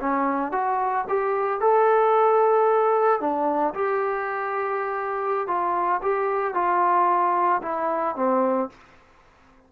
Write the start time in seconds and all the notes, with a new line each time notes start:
0.00 C#4
0.51 F#4
1.09 G4
1.61 A4
3.20 D4
3.74 G4
5.47 F4
6.02 G4
6.54 F4
7.62 E4
8.16 C4